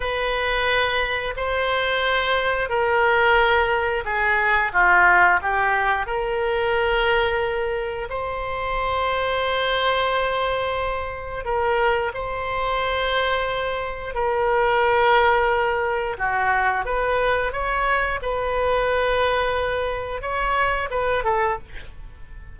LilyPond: \new Staff \with { instrumentName = "oboe" } { \time 4/4 \tempo 4 = 89 b'2 c''2 | ais'2 gis'4 f'4 | g'4 ais'2. | c''1~ |
c''4 ais'4 c''2~ | c''4 ais'2. | fis'4 b'4 cis''4 b'4~ | b'2 cis''4 b'8 a'8 | }